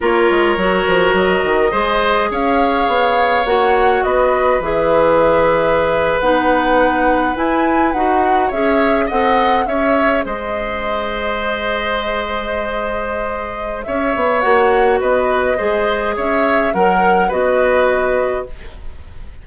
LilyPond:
<<
  \new Staff \with { instrumentName = "flute" } { \time 4/4 \tempo 4 = 104 cis''2 dis''2 | f''2 fis''4 dis''4 | e''2~ e''8. fis''4~ fis''16~ | fis''8. gis''4 fis''4 e''4 fis''16~ |
fis''8. e''4 dis''2~ dis''16~ | dis''1 | e''4 fis''4 dis''2 | e''4 fis''4 dis''2 | }
  \new Staff \with { instrumentName = "oboe" } { \time 4/4 ais'2. c''4 | cis''2. b'4~ | b'1~ | b'2~ b'8. cis''4 dis''16~ |
dis''8. cis''4 c''2~ c''16~ | c''1 | cis''2 b'4 c''4 | cis''4 ais'4 b'2 | }
  \new Staff \with { instrumentName = "clarinet" } { \time 4/4 f'4 fis'2 gis'4~ | gis'2 fis'2 | gis'2~ gis'8. dis'4~ dis'16~ | dis'8. e'4 fis'4 gis'4 a'16~ |
a'8. gis'2.~ gis'16~ | gis'1~ | gis'4 fis'2 gis'4~ | gis'4 ais'4 fis'2 | }
  \new Staff \with { instrumentName = "bassoon" } { \time 4/4 ais8 gis8 fis8 f8 fis8 dis8 gis4 | cis'4 b4 ais4 b4 | e2~ e8. b4~ b16~ | b8. e'4 dis'4 cis'4 c'16~ |
c'8. cis'4 gis2~ gis16~ | gis1 | cis'8 b8 ais4 b4 gis4 | cis'4 fis4 b2 | }
>>